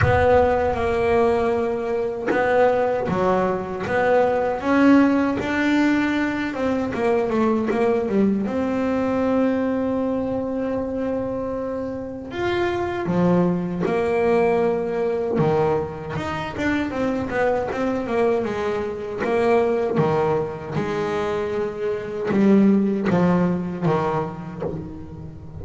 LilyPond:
\new Staff \with { instrumentName = "double bass" } { \time 4/4 \tempo 4 = 78 b4 ais2 b4 | fis4 b4 cis'4 d'4~ | d'8 c'8 ais8 a8 ais8 g8 c'4~ | c'1 |
f'4 f4 ais2 | dis4 dis'8 d'8 c'8 b8 c'8 ais8 | gis4 ais4 dis4 gis4~ | gis4 g4 f4 dis4 | }